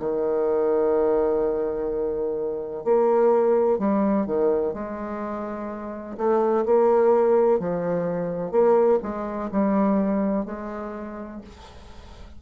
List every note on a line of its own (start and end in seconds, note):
0.00 2.84 D#3
2.84 3.79 A#3
3.79 4.27 G3
4.27 4.74 D#3
4.74 6.17 G#3
6.18 6.65 A3
6.66 7.60 A#3
7.60 8.52 F3
8.52 9.00 A#3
9.03 9.51 G#3
9.52 10.46 G3
10.46 11.42 G#3